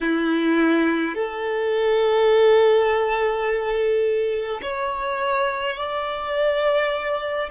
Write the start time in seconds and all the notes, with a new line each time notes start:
0.01 E4
1.14 A4
4.62 C#5
5.76 D5